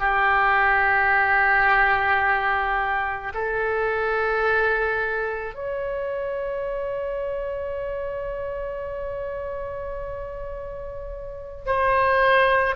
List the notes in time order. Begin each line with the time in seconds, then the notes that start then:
0.00 G4
3.34 A4
5.55 C#5
11.66 C5